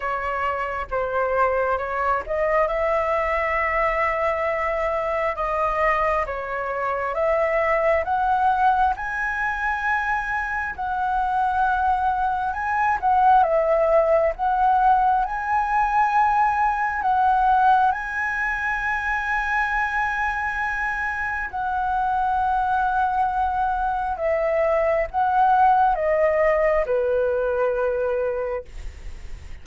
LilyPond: \new Staff \with { instrumentName = "flute" } { \time 4/4 \tempo 4 = 67 cis''4 c''4 cis''8 dis''8 e''4~ | e''2 dis''4 cis''4 | e''4 fis''4 gis''2 | fis''2 gis''8 fis''8 e''4 |
fis''4 gis''2 fis''4 | gis''1 | fis''2. e''4 | fis''4 dis''4 b'2 | }